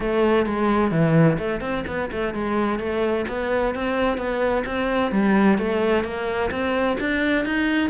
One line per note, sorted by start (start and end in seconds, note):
0.00 0.46 A3
0.46 0.91 G#3
0.91 1.37 E3
1.38 1.60 A3
1.60 1.84 C4
1.87 2.10 B3
2.11 2.33 A3
2.33 2.79 G#3
2.79 3.25 A3
3.28 3.74 B3
3.74 4.17 C4
4.17 4.64 B3
4.65 5.11 C4
5.11 5.58 G3
5.58 6.04 A3
6.04 6.50 A#3
6.51 6.97 C4
7.00 7.45 D4
7.45 7.89 D#4